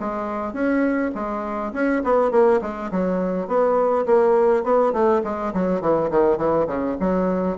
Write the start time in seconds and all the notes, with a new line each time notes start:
0.00 G#3
0.53 C#4
1.15 G#3
1.73 C#4
2.04 B3
2.31 A#3
2.62 G#3
2.91 F#3
3.47 B3
4.06 A#3
4.64 B3
4.92 A3
5.24 G#3
5.54 F#3
5.81 E3
6.11 D#3
6.38 E3
6.67 C#3
7.00 F#3